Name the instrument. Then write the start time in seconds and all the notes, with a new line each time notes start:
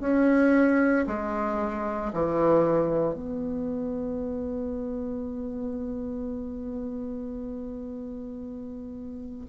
bassoon
0.00 C#4
1.07 G#3
2.13 E3
3.13 B3